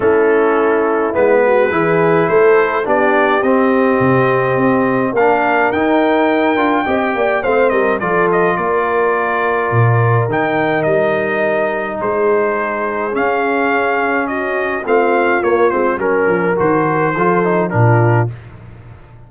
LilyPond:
<<
  \new Staff \with { instrumentName = "trumpet" } { \time 4/4 \tempo 4 = 105 a'2 b'2 | c''4 d''4 dis''2~ | dis''4 f''4 g''2~ | g''4 f''8 dis''8 d''8 dis''8 d''4~ |
d''2 g''4 dis''4~ | dis''4 c''2 f''4~ | f''4 dis''4 f''4 cis''8 c''8 | ais'4 c''2 ais'4 | }
  \new Staff \with { instrumentName = "horn" } { \time 4/4 e'2~ e'8 fis'8 gis'4 | a'4 g'2.~ | g'4 ais'2. | dis''8 d''8 c''8 ais'8 a'4 ais'4~ |
ais'1~ | ais'4 gis'2.~ | gis'4 fis'4 f'2 | ais'2 a'4 f'4 | }
  \new Staff \with { instrumentName = "trombone" } { \time 4/4 cis'2 b4 e'4~ | e'4 d'4 c'2~ | c'4 d'4 dis'4. f'8 | g'4 c'4 f'2~ |
f'2 dis'2~ | dis'2. cis'4~ | cis'2 c'4 ais8 c'8 | cis'4 fis'4 f'8 dis'8 d'4 | }
  \new Staff \with { instrumentName = "tuba" } { \time 4/4 a2 gis4 e4 | a4 b4 c'4 c4 | c'4 ais4 dis'4. d'8 | c'8 ais8 a8 g8 f4 ais4~ |
ais4 ais,4 dis4 g4~ | g4 gis2 cis'4~ | cis'2 a4 ais8 gis8 | fis8 f8 dis4 f4 ais,4 | }
>>